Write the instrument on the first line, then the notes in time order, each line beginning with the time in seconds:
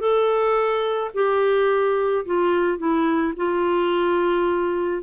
clarinet
0.00 A4
1.14 G4
2.26 F4
2.78 E4
3.36 F4